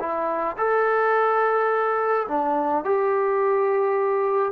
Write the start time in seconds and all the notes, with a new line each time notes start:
0.00 E4
0.58 A4
2.28 D4
2.85 G4